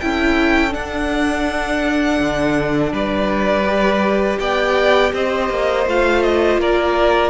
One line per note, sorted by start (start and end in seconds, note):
0.00 0.74 C#4
0.00 0.70 E4
0.00 2.92 A4
0.00 0.73 G5
0.70 3.63 D4
0.70 2.19 D4
0.70 2.93 F#5
2.19 2.92 D3
2.92 4.38 G3
2.92 4.39 B4
2.92 4.39 D5
3.65 5.84 G4
4.39 5.12 B3
4.39 5.13 D5
4.39 5.12 G5
5.13 5.49 C4
5.13 6.60 C5
5.13 5.87 D#5
5.49 5.86 A#3
5.86 6.57 A3
5.86 7.30 F4
5.86 6.22 F5
6.22 6.59 D#5
6.57 7.30 A#3
6.57 7.30 A#4
6.57 7.30 D5